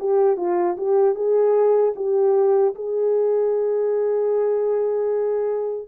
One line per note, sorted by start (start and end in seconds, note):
0.00 0.37 G4
0.37 0.76 F4
0.78 1.15 G4
1.15 1.94 G#4
1.96 2.75 G4
2.75 5.89 G#4